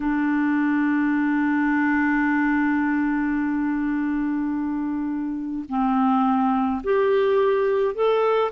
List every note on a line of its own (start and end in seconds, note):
0.00 5.64 D4
5.69 6.82 C4
6.83 7.95 G4
7.95 8.51 A4